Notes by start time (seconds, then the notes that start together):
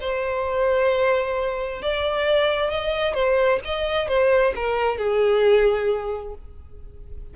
0.00 C5
1.82 D5
2.70 D#5
3.14 C5
3.64 D#5
4.07 C5
4.55 A#4
4.97 G#4